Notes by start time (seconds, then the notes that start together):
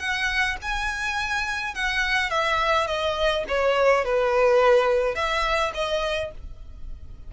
0.00 F#5
0.62 G#5
1.75 F#5
2.31 E5
2.88 D#5
3.49 C#5
4.05 B4
5.15 E5
5.75 D#5